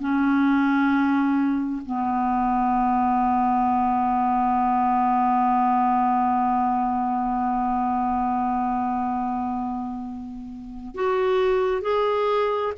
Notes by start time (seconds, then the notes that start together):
0.00 C#4
1.86 B3
10.95 F#4
11.82 G#4